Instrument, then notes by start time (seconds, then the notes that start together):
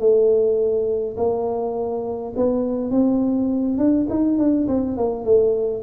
tuba
0.00 A3
1.17 A#3
2.36 B3
2.91 C4
3.78 D4
4.10 D#4
4.38 D4
4.68 C4
4.97 A#3
5.25 A3